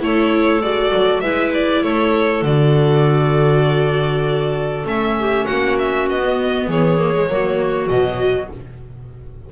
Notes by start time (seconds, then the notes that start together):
0.00 A3 E4 A4 C#5
0.61 G#3 F#4 D5
0.94 F#3
1.20 G#3 E4 B4 E5
1.54 D5
1.83 A3 A4 C#5
2.42 D3 F#4 D5
4.85 A3 C#4 E5
5.19 G4
5.45 A#3 F#4 F#5
5.78 E5
6.09 B3 D#5
6.24 B3
6.67 E3 G#4 C#5
6.98 A#3
7.14 G#3
7.29 F#3 A#3 F#4
7.88 B2 F#3 D#5